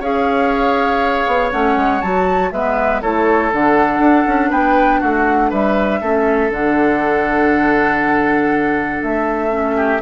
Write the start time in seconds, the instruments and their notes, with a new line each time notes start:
0.00 bassoon C#4, clarinet G#4, oboe C#5, flute F5
1.27 bassoon B3
1.51 bassoon A3, clarinet C#4, flute F#5
1.76 bassoon G#3
2.01 bassoon F#3, clarinet F#4, flute A5
2.51 bassoon G#3, clarinet B3, oboe B4, flute E5
3.01 bassoon A3, clarinet E4, oboe A4, flute C#5
3.52 bassoon D3, clarinet D4, flute F#5
3.99 bassoon D4
4.27 bassoon C#4
4.50 bassoon B3, oboe B4, flute G5
5.00 bassoon A3, oboe F#4, flute F#5
5.50 bassoon G3, oboe B4, flute E5
6.01 bassoon A3, clarinet C#4, oboe A4
6.51 bassoon D3, clarinet D4, flute F#5
9.03 bassoon A3, flute E5
9.49 clarinet C#4
9.76 oboe G4